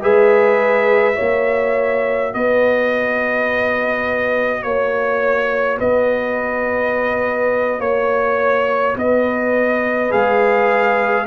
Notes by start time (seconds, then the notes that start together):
0.00 G#3 G#4 B4 E5
1.13 F#4 C#5
1.20 A#3
2.34 B3 B4 D#5
4.62 A#3 C#5
5.79 B3 B4 D#5
7.79 A#3 C#5
8.96 B3 B4 D#5
10.10 G#3 G#4 F5